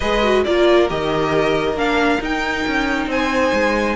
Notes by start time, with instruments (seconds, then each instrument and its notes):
0.00 cello G#3, viola G#4, violin B4 D#5
0.23 viola F#4
0.44 cello A#3, viola F4, violin A#4 D5
0.88 cello D#3, viola G4, violin D#5
1.73 cello A#3, viola D4, violin F5
2.20 cello D#4, viola D#4, violin G5
2.67 cello C#4
3.06 cello C4, violin C5 G#5
3.52 cello G#3